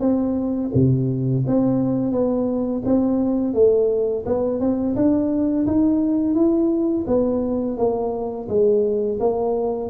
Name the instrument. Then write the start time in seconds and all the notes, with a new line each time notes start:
tuba
0.00 C4
0.74 C3
1.47 C4
2.12 B3
2.85 C4
3.54 A3
4.26 B3
4.60 C4
4.96 D4
5.67 D#4
6.35 E4
7.07 B3
7.77 A#3
8.49 G#3
9.20 A#3